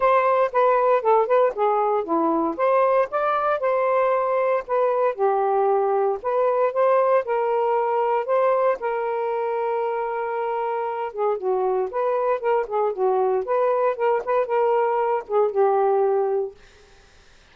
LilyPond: \new Staff \with { instrumentName = "saxophone" } { \time 4/4 \tempo 4 = 116 c''4 b'4 a'8 b'8 gis'4 | e'4 c''4 d''4 c''4~ | c''4 b'4 g'2 | b'4 c''4 ais'2 |
c''4 ais'2.~ | ais'4. gis'8 fis'4 b'4 | ais'8 gis'8 fis'4 b'4 ais'8 b'8 | ais'4. gis'8 g'2 | }